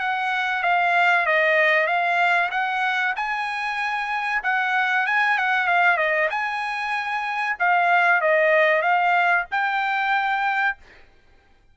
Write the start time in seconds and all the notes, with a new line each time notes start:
0.00 F#5
0.63 F5
1.26 D#5
1.87 F5
2.51 F#5
3.16 G#5
4.44 F#5
5.07 G#5
5.38 F#5
5.68 F5
5.97 D#5
6.30 G#5
7.59 F5
8.21 D#5
8.82 F5
9.51 G5